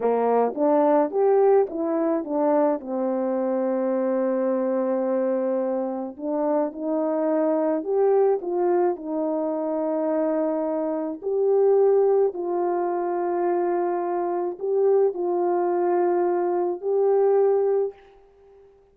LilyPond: \new Staff \with { instrumentName = "horn" } { \time 4/4 \tempo 4 = 107 ais4 d'4 g'4 e'4 | d'4 c'2.~ | c'2. d'4 | dis'2 g'4 f'4 |
dis'1 | g'2 f'2~ | f'2 g'4 f'4~ | f'2 g'2 | }